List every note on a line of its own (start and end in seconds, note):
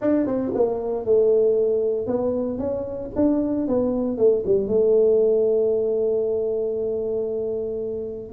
0.01 0.26 D4
0.26 0.52 C4
0.54 1.05 A#3
1.05 2.07 A3
2.07 2.58 B3
2.58 3.10 C#4
3.15 3.67 D4
3.67 4.17 B3
4.17 4.43 A3
4.46 4.67 G3
4.67 8.32 A3